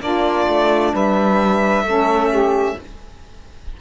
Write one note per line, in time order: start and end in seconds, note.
0.00 0.47 A#3
0.00 1.85 D4
0.00 0.92 F4
0.00 0.94 D5
0.47 0.93 A3
0.92 1.82 G3
0.92 1.85 B4
0.92 2.80 E5
1.82 2.74 A3
1.82 2.78 C#4
1.82 2.30 A4
2.30 2.76 G4